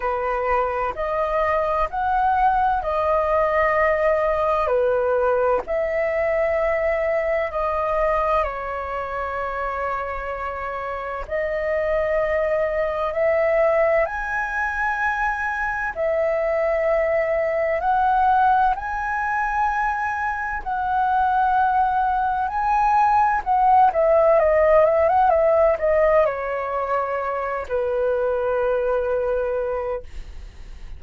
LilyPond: \new Staff \with { instrumentName = "flute" } { \time 4/4 \tempo 4 = 64 b'4 dis''4 fis''4 dis''4~ | dis''4 b'4 e''2 | dis''4 cis''2. | dis''2 e''4 gis''4~ |
gis''4 e''2 fis''4 | gis''2 fis''2 | gis''4 fis''8 e''8 dis''8 e''16 fis''16 e''8 dis''8 | cis''4. b'2~ b'8 | }